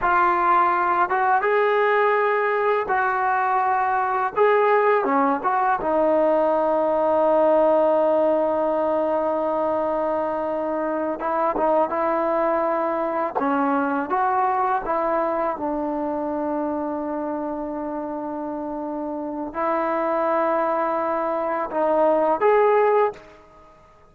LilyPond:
\new Staff \with { instrumentName = "trombone" } { \time 4/4 \tempo 4 = 83 f'4. fis'8 gis'2 | fis'2 gis'4 cis'8 fis'8 | dis'1~ | dis'2.~ dis'8 e'8 |
dis'8 e'2 cis'4 fis'8~ | fis'8 e'4 d'2~ d'8~ | d'2. e'4~ | e'2 dis'4 gis'4 | }